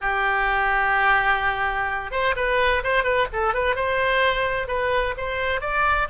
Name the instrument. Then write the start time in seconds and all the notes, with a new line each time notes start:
oboe
0.01 G4
2.11 C5
2.36 B4
2.83 C5
3.03 B4
3.33 A4
3.54 B4
3.75 C5
4.67 B4
5.17 C5
5.60 D5